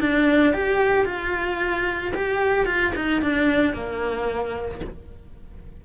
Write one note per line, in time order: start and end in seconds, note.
0.00 0.54 D4
0.54 1.06 G4
1.06 2.13 F4
2.15 2.66 G4
2.66 2.93 F4
2.96 3.22 D#4
3.22 3.74 D4
3.74 4.81 A#3